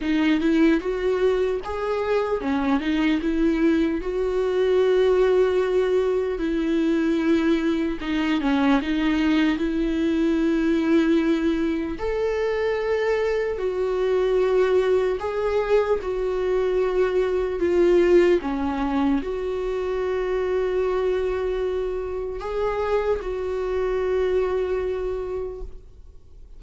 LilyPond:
\new Staff \with { instrumentName = "viola" } { \time 4/4 \tempo 4 = 75 dis'8 e'8 fis'4 gis'4 cis'8 dis'8 | e'4 fis'2. | e'2 dis'8 cis'8 dis'4 | e'2. a'4~ |
a'4 fis'2 gis'4 | fis'2 f'4 cis'4 | fis'1 | gis'4 fis'2. | }